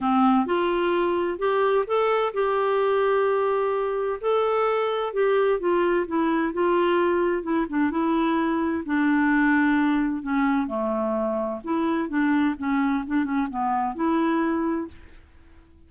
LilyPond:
\new Staff \with { instrumentName = "clarinet" } { \time 4/4 \tempo 4 = 129 c'4 f'2 g'4 | a'4 g'2.~ | g'4 a'2 g'4 | f'4 e'4 f'2 |
e'8 d'8 e'2 d'4~ | d'2 cis'4 a4~ | a4 e'4 d'4 cis'4 | d'8 cis'8 b4 e'2 | }